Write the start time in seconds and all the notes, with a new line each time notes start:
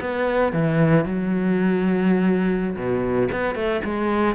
0.00 B3
0.52 E3
1.05 F#3
2.76 B2
3.32 B3
3.55 A3
3.84 G#3